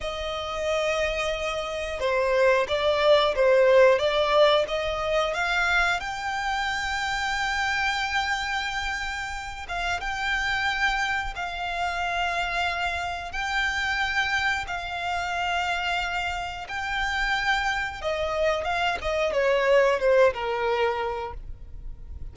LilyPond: \new Staff \with { instrumentName = "violin" } { \time 4/4 \tempo 4 = 90 dis''2. c''4 | d''4 c''4 d''4 dis''4 | f''4 g''2.~ | g''2~ g''8 f''8 g''4~ |
g''4 f''2. | g''2 f''2~ | f''4 g''2 dis''4 | f''8 dis''8 cis''4 c''8 ais'4. | }